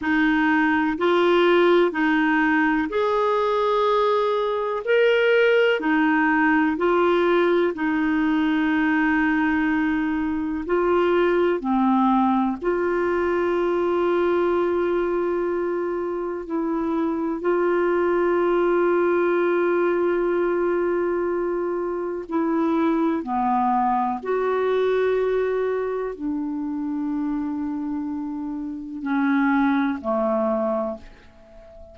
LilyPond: \new Staff \with { instrumentName = "clarinet" } { \time 4/4 \tempo 4 = 62 dis'4 f'4 dis'4 gis'4~ | gis'4 ais'4 dis'4 f'4 | dis'2. f'4 | c'4 f'2.~ |
f'4 e'4 f'2~ | f'2. e'4 | b4 fis'2 d'4~ | d'2 cis'4 a4 | }